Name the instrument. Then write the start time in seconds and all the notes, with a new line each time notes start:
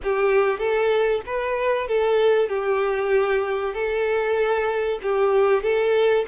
violin
0.03 G4
0.59 A4
1.26 B4
1.88 A4
2.49 G4
3.74 A4
5.02 G4
5.62 A4